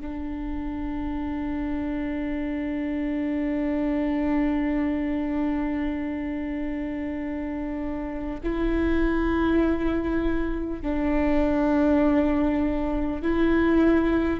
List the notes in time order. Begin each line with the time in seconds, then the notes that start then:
0.00 D4
8.43 E4
10.82 D4
13.22 E4